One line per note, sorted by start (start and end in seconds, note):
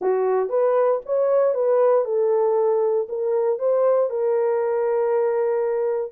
0.01 0.49 F#4
0.49 1.00 B4
1.05 1.54 C#5
1.54 2.04 B4
2.04 3.07 A4
3.08 3.58 A#4
3.58 4.09 C5
4.09 6.12 A#4